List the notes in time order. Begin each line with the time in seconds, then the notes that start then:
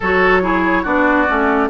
0.00 F#3 F#4 A4 C#5
0.42 E4 G#4
0.83 B3 D4 F#4 D5
1.27 A3 C#4